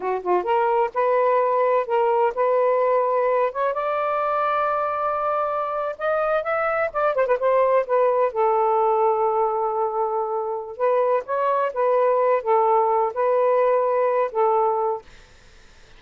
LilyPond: \new Staff \with { instrumentName = "saxophone" } { \time 4/4 \tempo 4 = 128 fis'8 f'8 ais'4 b'2 | ais'4 b'2~ b'8 cis''8 | d''1~ | d''8. dis''4 e''4 d''8 c''16 b'16 c''16~ |
c''8. b'4 a'2~ a'16~ | a'2. b'4 | cis''4 b'4. a'4. | b'2~ b'8 a'4. | }